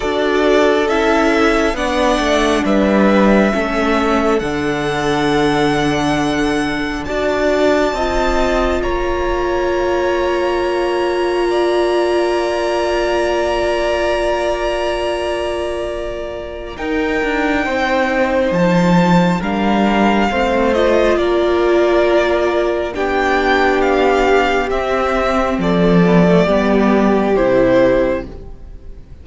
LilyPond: <<
  \new Staff \with { instrumentName = "violin" } { \time 4/4 \tempo 4 = 68 d''4 e''4 fis''4 e''4~ | e''4 fis''2. | a''2 ais''2~ | ais''1~ |
ais''2. g''4~ | g''4 a''4 f''4. dis''8 | d''2 g''4 f''4 | e''4 d''2 c''4 | }
  \new Staff \with { instrumentName = "violin" } { \time 4/4 a'2 d''4 b'4 | a'1 | d''4 dis''4 cis''2~ | cis''4 d''2.~ |
d''2. ais'4 | c''2 ais'4 c''4 | ais'2 g'2~ | g'4 a'4 g'2 | }
  \new Staff \with { instrumentName = "viola" } { \time 4/4 fis'4 e'4 d'2 | cis'4 d'2. | fis'4 f'2.~ | f'1~ |
f'2. dis'4~ | dis'2 d'4 c'8 f'8~ | f'2 d'2 | c'4. b16 a16 b4 e'4 | }
  \new Staff \with { instrumentName = "cello" } { \time 4/4 d'4 cis'4 b8 a8 g4 | a4 d2. | d'4 c'4 ais2~ | ais1~ |
ais2. dis'8 d'8 | c'4 f4 g4 a4 | ais2 b2 | c'4 f4 g4 c4 | }
>>